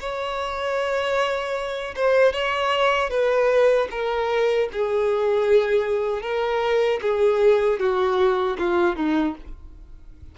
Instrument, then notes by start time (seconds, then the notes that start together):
violin
0.00 C#5
1.96 C5
2.33 C#5
3.10 B4
3.91 A#4
4.72 G#4
6.22 A#4
7.01 G#4
7.79 F#4
8.58 F4
8.96 D#4